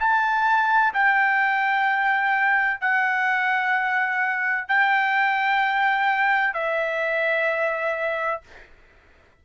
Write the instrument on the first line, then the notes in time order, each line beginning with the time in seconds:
trumpet
0.00 A5
0.94 G5
2.81 F#5
4.69 G5
6.54 E5